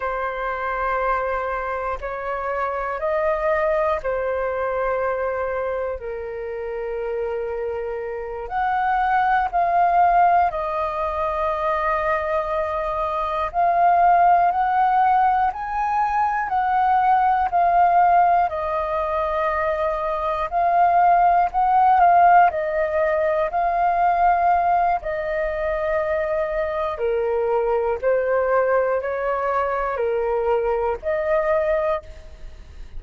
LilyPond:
\new Staff \with { instrumentName = "flute" } { \time 4/4 \tempo 4 = 60 c''2 cis''4 dis''4 | c''2 ais'2~ | ais'8 fis''4 f''4 dis''4.~ | dis''4. f''4 fis''4 gis''8~ |
gis''8 fis''4 f''4 dis''4.~ | dis''8 f''4 fis''8 f''8 dis''4 f''8~ | f''4 dis''2 ais'4 | c''4 cis''4 ais'4 dis''4 | }